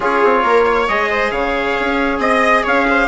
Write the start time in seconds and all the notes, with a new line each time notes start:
0.00 C#4 F4 G#4 C#5
0.23 C4
0.43 A#3 A#4
0.65 C#5
0.88 G#3 G#4 D#5
1.10 C5
1.31 C#3 C#5 F5
1.80 C#4
2.18 C4 D#5
2.63 C#4 C#5 F5
2.90 C5